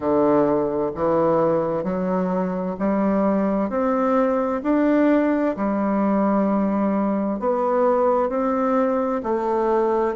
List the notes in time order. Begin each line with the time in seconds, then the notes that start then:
0.00 D3
0.95 E3
1.83 F#3
2.79 G3
3.69 C4
4.63 D4
5.56 G3
7.39 B3
8.29 C4
9.23 A3